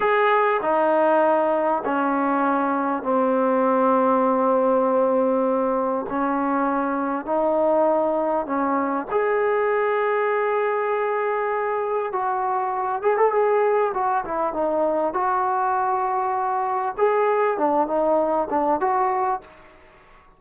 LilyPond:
\new Staff \with { instrumentName = "trombone" } { \time 4/4 \tempo 4 = 99 gis'4 dis'2 cis'4~ | cis'4 c'2.~ | c'2 cis'2 | dis'2 cis'4 gis'4~ |
gis'1 | fis'4. gis'16 a'16 gis'4 fis'8 e'8 | dis'4 fis'2. | gis'4 d'8 dis'4 d'8 fis'4 | }